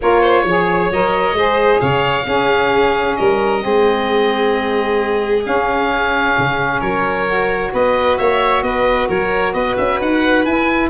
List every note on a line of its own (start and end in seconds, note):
0.01 0.44 A#3
0.01 0.46 F4
0.01 0.21 A#4
0.01 0.92 C#5
0.21 0.43 C5
0.44 0.90 F3
0.44 0.91 G#4
0.44 1.37 C#5
0.91 1.32 F#3
0.91 1.35 A#4
0.91 1.80 D#5
1.32 1.78 G#3
1.32 2.24 G#4
1.32 1.80 C5
1.80 2.26 C#3
1.80 2.25 C#5
1.80 3.15 F5
2.24 3.59 C#4
2.24 3.17 C#4
2.24 3.18 G#4
3.15 3.65 G3
3.15 3.63 A#4
3.15 5.43 D#5
3.59 5.45 G#3
3.59 5.41 C4
3.59 6.79 G#4
5.44 7.26 C#4
5.44 6.36 C#4
5.44 6.81 F5
6.37 6.81 C#3
6.79 7.72 F#3
6.79 7.70 A#4
6.79 7.72 C#5
7.27 10.45 F#4
7.73 8.18 B3
7.73 8.18 B4
7.73 8.17 D#5
8.17 8.62 A#3
8.17 8.64 C#5
8.17 8.62 E5
8.62 9.07 B3
8.62 9.08 B4
8.62 9.08 D#5
9.08 9.54 F#3
9.08 9.53 A#4
9.08 9.53 C#5
9.53 9.77 B3
9.53 10.89 B4
9.53 9.76 D#5
9.76 10.00 C#4
9.76 9.99 E5
10.00 10.45 D#4
10.00 10.45 F#5
10.45 10.90 E4
10.45 10.90 G#5